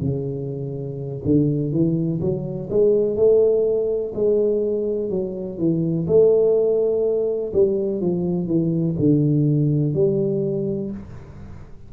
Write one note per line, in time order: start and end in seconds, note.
0.00 1.21 C#3
1.24 1.72 D3
1.72 2.20 E3
2.20 2.69 F#3
2.70 3.16 G#3
3.16 4.13 A3
4.14 5.09 G#3
5.09 5.58 F#3
5.58 6.06 E3
6.07 7.52 A3
7.53 8.01 G3
8.01 8.46 F3
8.46 8.95 E3
8.99 9.94 D3
9.94 10.91 G3